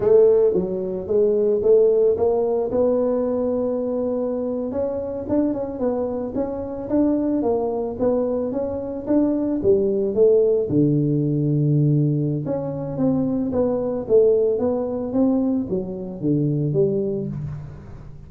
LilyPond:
\new Staff \with { instrumentName = "tuba" } { \time 4/4 \tempo 4 = 111 a4 fis4 gis4 a4 | ais4 b2.~ | b8. cis'4 d'8 cis'8 b4 cis'16~ | cis'8. d'4 ais4 b4 cis'16~ |
cis'8. d'4 g4 a4 d16~ | d2. cis'4 | c'4 b4 a4 b4 | c'4 fis4 d4 g4 | }